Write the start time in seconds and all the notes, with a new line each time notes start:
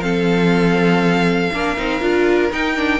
0.00 F3 C4 A4 F5
1.52 A#3 D4 A#4
1.77 C4 D#4
2.00 D4 F4
2.52 D#4 G5
2.76 D4